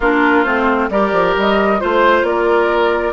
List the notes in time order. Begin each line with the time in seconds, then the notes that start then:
0.00 A#3 D4 F4 A#4
0.44 A3 C4 C5
0.89 G3 G4 A#4 D5
1.12 F3
1.36 G3 D#5
1.79 A3 F4 C5
2.22 A#3 D5
2.28 A#4